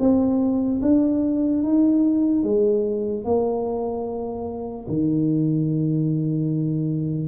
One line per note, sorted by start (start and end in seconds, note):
0.00 0.81 C4
0.82 1.63 D4
1.63 2.44 D#4
2.44 3.25 G#3
3.25 4.87 A#3
4.88 7.28 D#3